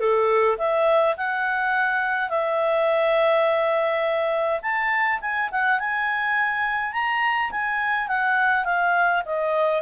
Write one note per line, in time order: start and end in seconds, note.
0.00 0.58 A4
0.58 1.16 E5
1.17 2.30 F#5
2.30 4.60 E5
4.63 5.20 A5
5.21 5.50 G#5
5.52 5.80 F#5
5.80 6.93 G#5
6.93 7.51 A#5
7.52 8.08 G#5
8.08 8.65 F#5
8.65 9.23 F5
9.26 9.83 D#5